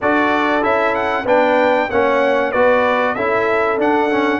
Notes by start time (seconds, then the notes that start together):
0.01 D4 F#4 A4 D5
0.62 C#4 E4 E5
0.94 F#5
1.24 B3 D4 B4 G5
1.90 A#3 C#4 C#5 F#5
2.51 B3 F#4 B4 D5
3.14 C#4 E4 A4 E5
3.78 D4 F#5
4.11 C#4